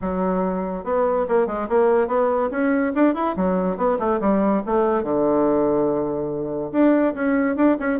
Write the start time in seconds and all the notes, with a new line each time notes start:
0.01 F#3
0.84 B3
1.28 A#3
1.46 G#3
1.68 A#3
2.07 B3
2.50 C#4
2.94 D4
3.14 E4
3.36 F#3
3.77 B3
3.99 A3
4.20 G3
4.66 A3
5.03 D3
6.72 D4
7.14 C#4
7.55 D4
7.79 C#4